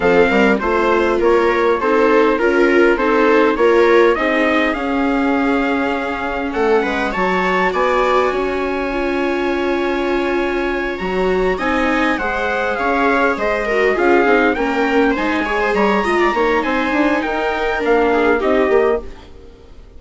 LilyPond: <<
  \new Staff \with { instrumentName = "trumpet" } { \time 4/4 \tempo 4 = 101 f''4 c''4 cis''4 c''4 | ais'4 c''4 cis''4 dis''4 | f''2. fis''4 | a''4 gis''2.~ |
gis''2~ gis''8 ais''4 gis''8~ | gis''8 fis''4 f''4 dis''4 f''8~ | f''8 g''4 gis''4 ais''4. | gis''4 g''4 f''4 dis''4 | }
  \new Staff \with { instrumentName = "viola" } { \time 4/4 a'8 ais'8 c''4 ais'4 a'4 | ais'4 a'4 ais'4 gis'4~ | gis'2. a'8 b'8 | cis''4 d''4 cis''2~ |
cis''2.~ cis''8 dis''8~ | dis''8 c''4 cis''4 c''8 ais'8 gis'8~ | gis'8 ais'4 c''8 cis''16 c''16 cis''8 dis''16 d''16 cis''8 | c''4 ais'4. gis'8 g'4 | }
  \new Staff \with { instrumentName = "viola" } { \time 4/4 c'4 f'2 dis'4 | f'4 dis'4 f'4 dis'4 | cis'1 | fis'2. f'4~ |
f'2~ f'8 fis'4 dis'8~ | dis'8 gis'2~ gis'8 fis'8 f'8 | dis'8 cis'4 dis'8 gis'4 f'8 dis'8~ | dis'2 d'4 dis'8 g'8 | }
  \new Staff \with { instrumentName = "bassoon" } { \time 4/4 f8 g8 a4 ais4 c'4 | cis'4 c'4 ais4 c'4 | cis'2. a8 gis8 | fis4 b4 cis'2~ |
cis'2~ cis'8 fis4 c'8~ | c'8 gis4 cis'4 gis4 cis'8 | c'8 ais4 gis4 g8 gis8 ais8 | c'8 d'8 dis'4 ais4 c'8 ais8 | }
>>